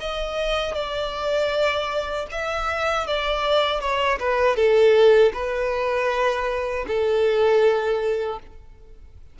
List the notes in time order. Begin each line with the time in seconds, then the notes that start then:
0.00 D#5
0.75 D5
2.31 E5
3.07 D5
3.80 C#5
4.19 B4
4.56 A4
5.34 B4
6.87 A4